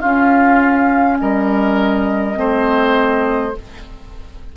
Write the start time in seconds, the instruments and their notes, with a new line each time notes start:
0.00 clarinet C#4, bassoon C#4, oboe F4, flute F5
1.20 bassoon G3, oboe A#4, flute D#5
2.34 bassoon A3, clarinet C4, oboe C5